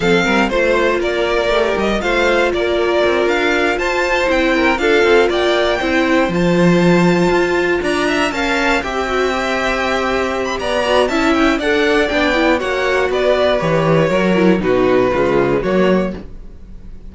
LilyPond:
<<
  \new Staff \with { instrumentName = "violin" } { \time 4/4 \tempo 4 = 119 f''4 c''4 d''4. dis''8 | f''4 d''4. f''4 a''8~ | a''8 g''4 f''4 g''4.~ | g''8 a''2. ais''8~ |
ais''8 a''4 g''2~ g''8~ | g''8. b''16 ais''4 a''8 g''8 fis''4 | g''4 fis''4 d''4 cis''4~ | cis''4 b'2 cis''4 | }
  \new Staff \with { instrumentName = "violin" } { \time 4/4 a'8 ais'8 c''4 ais'2 | c''4 ais'2~ ais'8 c''8~ | c''4 ais'8 a'4 d''4 c''8~ | c''2.~ c''8 d''8 |
e''8 f''4 e''2~ e''8~ | e''4 d''4 e''4 d''4~ | d''4 cis''4 b'2 | ais'4 fis'4 f'4 fis'4 | }
  \new Staff \with { instrumentName = "viola" } { \time 4/4 c'4 f'2 g'4 | f'1~ | f'8 e'4 f'2 e'8~ | e'8 f'2.~ f'8~ |
f'8 ais'4 g'8 fis'8 g'4.~ | g'4. fis'8 e'4 a'4 | d'8 e'8 fis'2 g'4 | fis'8 e'8 dis'4 gis4 ais4 | }
  \new Staff \with { instrumentName = "cello" } { \time 4/4 f8 g8 a4 ais4 a8 g8 | a4 ais4 c'8 d'4 f'8~ | f'8 c'4 d'8 c'8 ais4 c'8~ | c'8 f2 f'4 d'8~ |
d'8 cis'4 c'2~ c'8~ | c'4 b4 cis'4 d'4 | b4 ais4 b4 e4 | fis4 b,4 cis4 fis4 | }
>>